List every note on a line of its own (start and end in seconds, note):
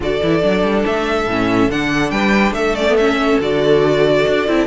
0.00 0.20 D3
0.00 0.21 F#4
0.00 2.12 A4
0.00 0.85 D5
0.22 0.43 E3
0.22 0.42 E4
0.42 0.63 F#3
0.42 1.27 D4
0.63 0.84 G3
0.85 1.26 A3
0.85 1.70 E5
1.26 1.68 A2
1.26 1.71 C#4
1.69 2.11 D3
1.69 2.77 D4
1.69 2.10 F#5
2.10 2.51 G3
2.10 2.55 B4
2.10 2.52 G5
2.51 3.36 A3
2.51 2.75 E5
2.57 4.66 A4
2.75 2.88 C#4
2.75 2.96 D5
2.88 2.99 B3
2.96 3.41 C#4
2.96 3.39 E5
3.40 4.25 D3
3.40 4.47 F#4
3.40 4.66 D5
4.27 4.47 D4
4.47 4.66 C4
4.47 4.66 E4